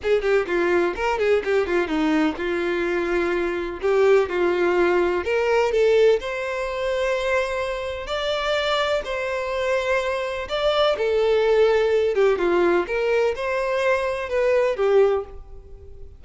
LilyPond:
\new Staff \with { instrumentName = "violin" } { \time 4/4 \tempo 4 = 126 gis'8 g'8 f'4 ais'8 gis'8 g'8 f'8 | dis'4 f'2. | g'4 f'2 ais'4 | a'4 c''2.~ |
c''4 d''2 c''4~ | c''2 d''4 a'4~ | a'4. g'8 f'4 ais'4 | c''2 b'4 g'4 | }